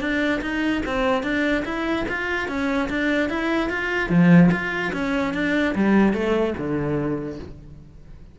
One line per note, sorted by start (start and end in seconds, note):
0.00 0.41 D4
0.41 0.82 D#4
0.85 1.22 C4
1.22 1.63 D4
1.65 2.06 E4
2.08 2.48 F4
2.48 2.89 C#4
2.89 3.29 D4
3.29 3.69 E4
3.69 4.09 F4
4.09 4.50 F3
4.51 4.92 F4
4.92 5.33 C#4
5.33 5.74 D4
5.75 6.13 G3
6.13 6.54 A3
6.57 7.38 D3